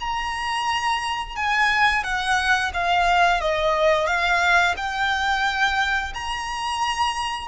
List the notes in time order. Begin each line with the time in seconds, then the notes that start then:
0.00 A#5
1.36 G#5
2.04 F#5
2.74 F5
3.41 D#5
4.07 F5
4.77 G5
6.14 A#5